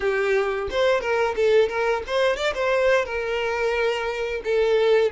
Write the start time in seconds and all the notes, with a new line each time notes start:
0.00 G4
0.70 C5
1.00 A#4
1.35 A4
1.69 A#4
2.06 C5
2.36 D5
2.54 C5
3.05 A#4
4.44 A4